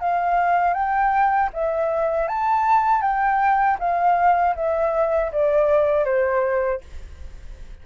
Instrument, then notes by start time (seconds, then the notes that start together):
flute
0.00 F5
0.74 G5
1.53 E5
2.28 A5
3.01 G5
3.79 F5
4.55 E5
5.32 D5
6.04 C5